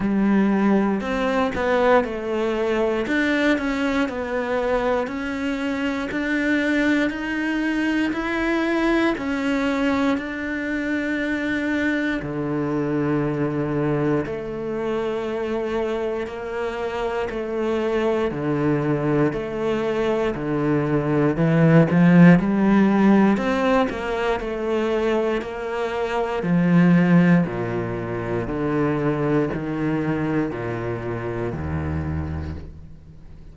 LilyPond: \new Staff \with { instrumentName = "cello" } { \time 4/4 \tempo 4 = 59 g4 c'8 b8 a4 d'8 cis'8 | b4 cis'4 d'4 dis'4 | e'4 cis'4 d'2 | d2 a2 |
ais4 a4 d4 a4 | d4 e8 f8 g4 c'8 ais8 | a4 ais4 f4 ais,4 | d4 dis4 ais,4 dis,4 | }